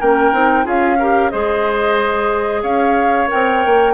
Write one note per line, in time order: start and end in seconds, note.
0.00 0.33 A#3
0.00 0.33 C#4
0.00 0.65 A#4
0.00 0.67 G5
0.33 0.66 C4
0.33 0.64 D#4
0.64 1.32 C#4
0.64 0.97 F4
0.64 0.98 G#4
0.64 1.30 F5
0.99 1.31 G4
0.99 1.32 A#4
1.30 2.63 G#3
1.30 3.28 G#4
1.30 2.63 C5
1.30 2.62 D#5
2.63 3.29 C#4
2.63 3.94 C#5
2.63 3.29 F5
3.28 3.94 A#4
3.28 3.94 G5
3.34 3.66 C4
3.66 3.94 A#3